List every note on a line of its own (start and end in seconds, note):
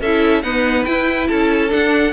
0.00 0.43 C#4
0.00 0.43 E4
0.00 0.42 A4
0.00 0.42 E5
0.42 0.85 B3
0.42 0.85 D#4
0.42 1.28 B4
0.42 0.84 F#5
0.84 1.29 E4
0.84 1.69 E4
0.84 1.26 G5
1.28 1.73 C#4
1.28 2.12 A4
1.28 1.70 A5
1.69 2.11 D4
1.69 2.12 D4
1.69 2.12 F#5